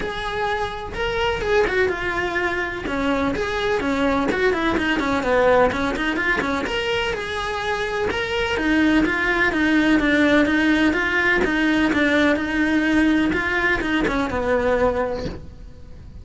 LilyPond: \new Staff \with { instrumentName = "cello" } { \time 4/4 \tempo 4 = 126 gis'2 ais'4 gis'8 fis'8 | f'2 cis'4 gis'4 | cis'4 fis'8 e'8 dis'8 cis'8 b4 | cis'8 dis'8 f'8 cis'8 ais'4 gis'4~ |
gis'4 ais'4 dis'4 f'4 | dis'4 d'4 dis'4 f'4 | dis'4 d'4 dis'2 | f'4 dis'8 cis'8 b2 | }